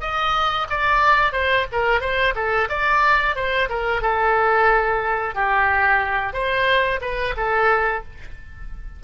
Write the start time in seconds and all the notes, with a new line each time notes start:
0.00 D#5
0.70 D5
1.32 C5
1.72 A#4
2.00 C5
2.35 A4
2.69 D5
3.35 C5
3.69 A#4
4.01 A4
5.35 G4
6.33 C5
7.01 B4
7.37 A4